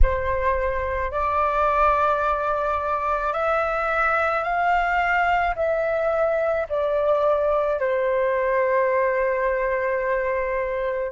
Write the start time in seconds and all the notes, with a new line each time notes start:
0.02 C5
1.11 D5
3.33 E5
4.43 F5
5.56 E5
6.69 D5
7.79 C5